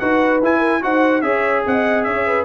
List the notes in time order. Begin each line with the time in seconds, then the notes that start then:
0.00 D#4 F#4 B4 F#5
0.43 E4 G#5
0.59 A#4
0.82 D#4 F#4 C5 F#5
1.22 C#4 G#4 C#5 E5
1.67 C4 D#5 F#5
2.04 C#4 C#5 E5
2.27 B4